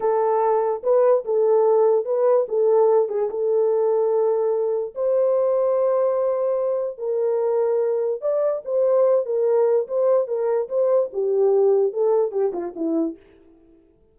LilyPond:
\new Staff \with { instrumentName = "horn" } { \time 4/4 \tempo 4 = 146 a'2 b'4 a'4~ | a'4 b'4 a'4. gis'8 | a'1 | c''1~ |
c''4 ais'2. | d''4 c''4. ais'4. | c''4 ais'4 c''4 g'4~ | g'4 a'4 g'8 f'8 e'4 | }